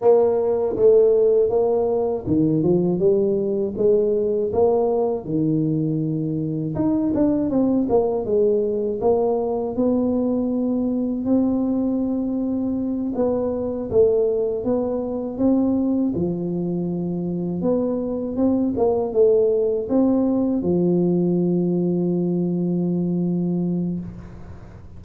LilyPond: \new Staff \with { instrumentName = "tuba" } { \time 4/4 \tempo 4 = 80 ais4 a4 ais4 dis8 f8 | g4 gis4 ais4 dis4~ | dis4 dis'8 d'8 c'8 ais8 gis4 | ais4 b2 c'4~ |
c'4. b4 a4 b8~ | b8 c'4 f2 b8~ | b8 c'8 ais8 a4 c'4 f8~ | f1 | }